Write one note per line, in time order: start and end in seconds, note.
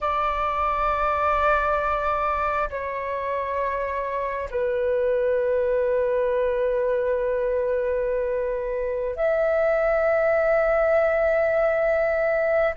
0.00 2.69 D5
2.69 4.49 C#5
4.50 9.15 B4
9.15 12.74 E5